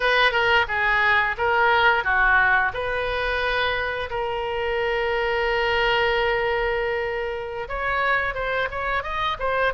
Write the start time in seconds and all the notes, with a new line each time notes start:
0.00 B4
0.31 A#4
0.68 G#4
1.37 A#4
2.03 F#4
2.73 B4
4.10 A#4
7.68 C#5
8.34 C5
8.71 C#5
9.03 D#5
9.39 C5